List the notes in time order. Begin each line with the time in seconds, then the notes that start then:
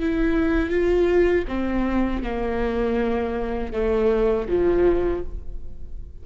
0.00 E4
0.70 F4
1.48 C4
2.23 A#3
3.73 A3
4.49 F3